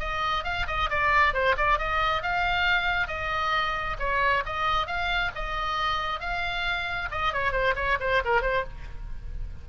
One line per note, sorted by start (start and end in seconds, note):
0.00 0.44 D#5
0.44 0.66 F5
0.68 0.90 D#5
0.90 1.34 D5
1.34 1.56 C5
1.57 1.79 D5
1.79 2.23 D#5
2.23 3.08 F5
3.08 3.97 D#5
3.99 4.44 C#5
4.46 4.87 D#5
4.87 5.31 F5
5.36 6.20 D#5
6.20 7.09 F5
7.12 7.33 D#5
7.33 7.52 C#5
7.52 7.75 C5
7.76 7.98 C#5
8.00 8.22 C5
8.25 8.42 A#4
8.42 8.64 C5